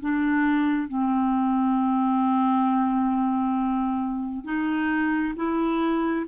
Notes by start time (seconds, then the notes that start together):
0.00 D4
0.88 C4
4.44 D#4
5.36 E4